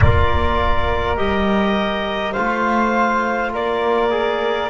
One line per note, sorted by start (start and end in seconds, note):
0.00 1.17 A#3
0.00 1.16 F4
0.00 2.33 A#4
0.00 1.17 D5
1.16 2.35 G3
1.16 2.34 G4
1.16 2.33 D#5
2.33 3.54 A3
2.33 4.10 F4
2.33 3.50 C5
2.33 3.50 F5
3.52 4.69 A#3
3.52 4.69 A#4
3.52 4.69 D5
4.10 4.69 G#4